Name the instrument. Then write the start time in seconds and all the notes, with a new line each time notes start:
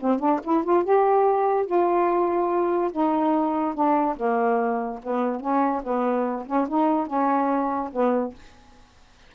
saxophone
0.00 C4
0.19 D4
0.43 E4
0.64 F4
0.84 G4
1.66 F4
2.91 D#4
3.74 D4
4.16 A#3
5.03 B3
5.40 C#4
5.83 B3
6.46 C#4
6.68 D#4
7.07 C#4
7.92 B3